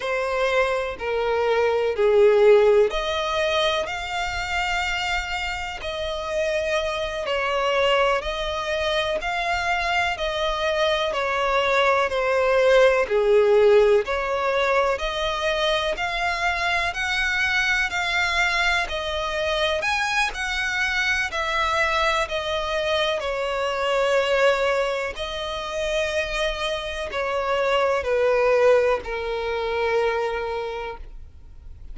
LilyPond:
\new Staff \with { instrumentName = "violin" } { \time 4/4 \tempo 4 = 62 c''4 ais'4 gis'4 dis''4 | f''2 dis''4. cis''8~ | cis''8 dis''4 f''4 dis''4 cis''8~ | cis''8 c''4 gis'4 cis''4 dis''8~ |
dis''8 f''4 fis''4 f''4 dis''8~ | dis''8 gis''8 fis''4 e''4 dis''4 | cis''2 dis''2 | cis''4 b'4 ais'2 | }